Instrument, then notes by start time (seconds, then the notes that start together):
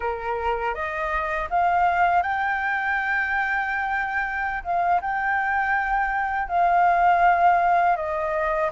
flute
0.00 A#4
0.74 D#5
1.49 F5
2.22 G5
4.63 F5
5.01 G5
6.48 F5
7.96 D#5